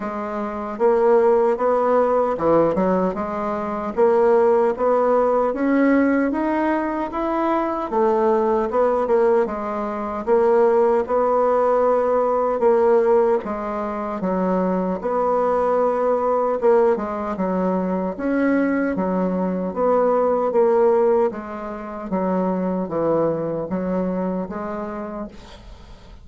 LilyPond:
\new Staff \with { instrumentName = "bassoon" } { \time 4/4 \tempo 4 = 76 gis4 ais4 b4 e8 fis8 | gis4 ais4 b4 cis'4 | dis'4 e'4 a4 b8 ais8 | gis4 ais4 b2 |
ais4 gis4 fis4 b4~ | b4 ais8 gis8 fis4 cis'4 | fis4 b4 ais4 gis4 | fis4 e4 fis4 gis4 | }